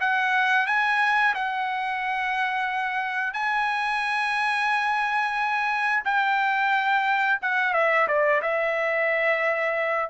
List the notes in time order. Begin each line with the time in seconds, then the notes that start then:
0.00 F#5
0.66 G#5
1.35 F#5
3.33 G#5
6.04 G5
7.42 F#5
7.73 E5
8.08 D5
8.41 E5